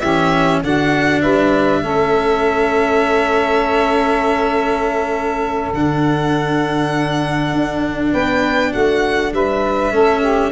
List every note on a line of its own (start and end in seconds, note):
0.00 0.63 E3
0.00 0.64 C#4
0.00 0.60 G4
0.00 0.60 E5
0.62 1.23 D3
0.62 1.84 D4
0.62 1.22 F#4
0.62 1.22 F#5
1.22 1.83 G3
1.22 1.81 B4
1.22 5.72 E5
1.83 5.74 A3
1.83 5.74 C#4
1.83 8.12 A4
5.74 7.53 D3
5.74 9.92 D4
5.74 8.13 F#5
7.53 8.13 D4
8.12 8.74 B3
8.12 8.71 B4
8.12 8.73 G5
8.71 9.33 A3
8.71 9.31 F#4
8.71 9.33 F#5
9.33 9.92 G3
9.33 9.94 B4
9.33 10.52 E5
9.92 10.52 A3
9.92 10.52 C#4
9.92 10.21 A4
10.21 10.51 G4